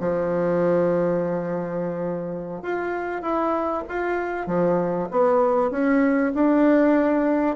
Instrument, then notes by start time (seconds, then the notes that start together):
bassoon
0.00 F3
2.63 F4
3.22 E4
3.89 F4
4.47 F3
5.11 B3
5.71 C#4
6.35 D4